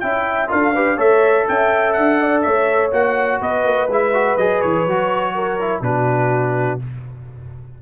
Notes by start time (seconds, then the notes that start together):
0.00 C#4 E4 E5 G5
0.48 D4 F4 A4 F5
0.75 G4 B4
0.97 A3 A4 C#5 E5
1.48 C#4 E5 G5
1.93 D4 F#5
2.21 D5
2.42 A3 C#5 E5
2.92 A#3 F#4 F#5
3.41 B3 B4 D#5
3.64 A#3
3.88 G#3 E4 E5
4.13 F#4
4.37 F#3 G#4 D#5
4.62 E3 C#5
4.86 F#3 F#4
5.35 A#4
5.60 E4
5.81 B2 D4 F#4 B4